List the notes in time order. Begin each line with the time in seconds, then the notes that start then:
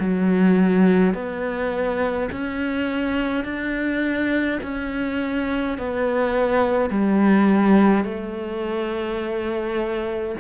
0.00 F#3
1.14 B3
2.32 C#4
3.45 D4
4.63 C#4
5.78 B3
6.90 G3
8.05 A3